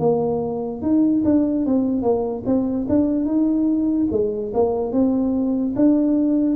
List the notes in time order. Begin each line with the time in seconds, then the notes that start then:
0.00 A#3
0.83 D#4
1.25 D4
1.66 C4
2.03 A#3
2.47 C4
2.90 D4
3.26 D#4
4.12 G#3
4.54 A#3
4.93 C4
5.76 D4